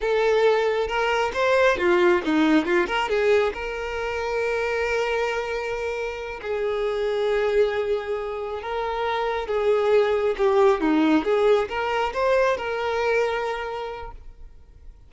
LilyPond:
\new Staff \with { instrumentName = "violin" } { \time 4/4 \tempo 4 = 136 a'2 ais'4 c''4 | f'4 dis'4 f'8 ais'8 gis'4 | ais'1~ | ais'2~ ais'8 gis'4.~ |
gis'2.~ gis'8 ais'8~ | ais'4. gis'2 g'8~ | g'8 dis'4 gis'4 ais'4 c''8~ | c''8 ais'2.~ ais'8 | }